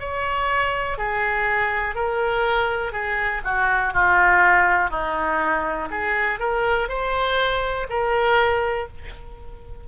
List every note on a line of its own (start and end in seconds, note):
0.00 0.98 C#5
0.98 1.95 G#4
1.95 2.92 A#4
2.92 3.42 G#4
3.45 3.93 F#4
3.93 4.90 F4
4.90 5.89 D#4
5.91 6.39 G#4
6.39 6.89 A#4
6.89 7.87 C5
7.90 8.88 A#4